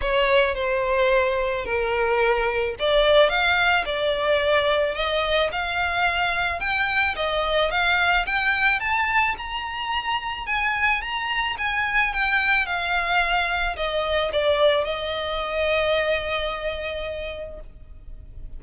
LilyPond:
\new Staff \with { instrumentName = "violin" } { \time 4/4 \tempo 4 = 109 cis''4 c''2 ais'4~ | ais'4 d''4 f''4 d''4~ | d''4 dis''4 f''2 | g''4 dis''4 f''4 g''4 |
a''4 ais''2 gis''4 | ais''4 gis''4 g''4 f''4~ | f''4 dis''4 d''4 dis''4~ | dis''1 | }